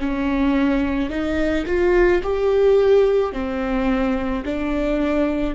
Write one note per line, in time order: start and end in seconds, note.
0.00 1.10 C#4
1.10 1.65 D#4
1.66 2.22 F4
2.23 3.33 G4
3.33 4.44 C4
4.45 5.55 D4